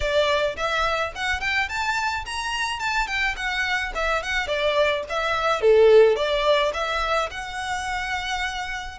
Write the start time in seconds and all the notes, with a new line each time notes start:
0.00 D5
0.56 E5
1.15 F#5
1.40 G5
1.68 A5
2.25 A#5
2.79 A5
3.07 G5
3.36 F#5
3.95 E5
4.23 F#5
4.47 D5
5.09 E5
5.61 A4
6.15 D5
6.73 E5
7.30 F#5